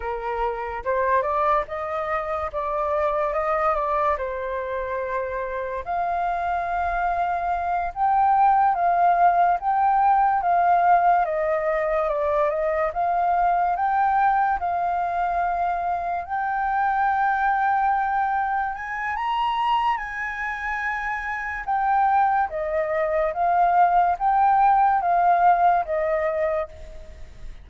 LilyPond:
\new Staff \with { instrumentName = "flute" } { \time 4/4 \tempo 4 = 72 ais'4 c''8 d''8 dis''4 d''4 | dis''8 d''8 c''2 f''4~ | f''4. g''4 f''4 g''8~ | g''8 f''4 dis''4 d''8 dis''8 f''8~ |
f''8 g''4 f''2 g''8~ | g''2~ g''8 gis''8 ais''4 | gis''2 g''4 dis''4 | f''4 g''4 f''4 dis''4 | }